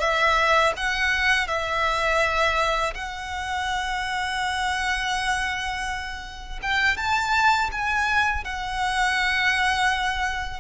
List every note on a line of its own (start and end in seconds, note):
0.00 0.73 E5
0.77 1.47 F#5
1.47 2.94 E5
2.94 6.60 F#5
6.62 6.97 G5
6.97 7.70 A5
7.72 8.44 G#5
8.44 10.60 F#5